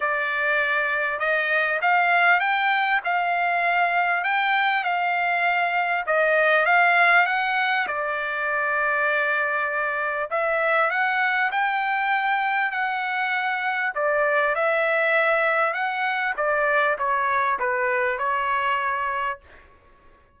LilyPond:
\new Staff \with { instrumentName = "trumpet" } { \time 4/4 \tempo 4 = 99 d''2 dis''4 f''4 | g''4 f''2 g''4 | f''2 dis''4 f''4 | fis''4 d''2.~ |
d''4 e''4 fis''4 g''4~ | g''4 fis''2 d''4 | e''2 fis''4 d''4 | cis''4 b'4 cis''2 | }